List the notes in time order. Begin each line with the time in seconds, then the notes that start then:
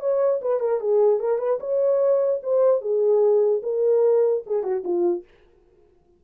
0.00 C#5
0.41 B4
0.60 A#4
0.81 G#4
1.20 A#4
1.39 B4
1.60 C#5
2.43 C5
2.81 G#4
3.63 A#4
4.46 G#4
4.63 F#4
4.84 F4